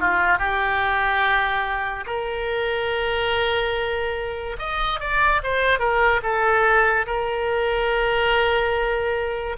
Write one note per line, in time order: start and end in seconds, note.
0.00 0.38 F4
0.38 2.05 G4
2.06 4.56 A#4
4.58 5.00 D#5
5.00 5.41 D5
5.43 5.79 C5
5.79 6.21 A#4
6.23 7.06 A4
7.06 9.56 A#4